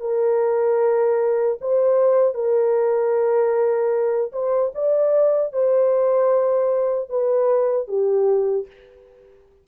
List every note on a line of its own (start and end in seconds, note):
0.00 1.58 A#4
1.60 2.34 C5
2.34 4.31 A#4
4.32 4.72 C5
4.74 5.52 D5
5.52 7.09 C5
7.09 7.87 B4
7.87 8.66 G4